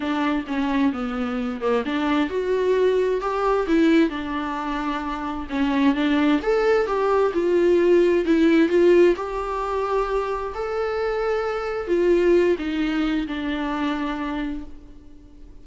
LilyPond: \new Staff \with { instrumentName = "viola" } { \time 4/4 \tempo 4 = 131 d'4 cis'4 b4. ais8 | d'4 fis'2 g'4 | e'4 d'2. | cis'4 d'4 a'4 g'4 |
f'2 e'4 f'4 | g'2. a'4~ | a'2 f'4. dis'8~ | dis'4 d'2. | }